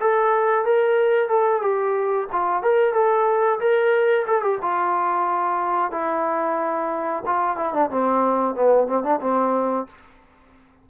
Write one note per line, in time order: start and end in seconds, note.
0.00 0.65 A4
0.65 1.29 A#4
1.29 1.62 A4
1.62 2.27 G4
2.32 2.62 F4
2.62 2.93 A#4
2.93 3.59 A4
3.60 4.26 A#4
4.27 4.42 A4
4.42 4.58 G4
4.62 5.92 F4
5.92 7.23 E4
7.26 7.57 F4
7.57 7.73 E4
7.73 7.90 D4
7.90 8.55 C4
8.55 8.87 B3
8.87 9.03 C4
9.03 9.20 D4
9.20 9.86 C4